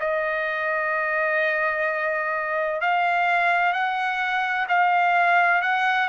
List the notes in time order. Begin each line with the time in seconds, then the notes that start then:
0.00 D#5
2.81 F5
3.73 F#5
4.69 F5
5.62 F#5